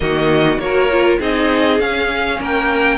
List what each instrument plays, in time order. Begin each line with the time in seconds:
0.00 cello D#3, viola A#3, violin F#4 D#5
0.58 cello A#3, viola F#4, violin A#4 C#5
0.91 viola F4
1.19 cello C4, viola D#4, violin G#4 D#5
1.79 cello C#4, viola C#4, violin F5
2.39 cello A#3, violin A#4 G5